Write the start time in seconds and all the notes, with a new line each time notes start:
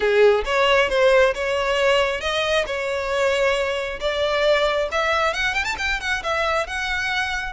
0.00 G#4
0.44 C#5
0.89 C5
1.34 C#5
2.20 D#5
2.66 C#5
3.99 D5
4.91 E5
5.33 F#5
5.54 G5
5.64 A5
5.78 G5
6.00 F#5
6.23 E5
6.67 F#5